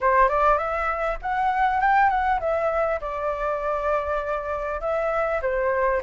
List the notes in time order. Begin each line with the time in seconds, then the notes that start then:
0.00 C5
0.28 D5
0.58 E5
1.22 F#5
1.80 G5
2.09 F#5
2.39 E5
3.00 D5
4.81 E5
5.42 C5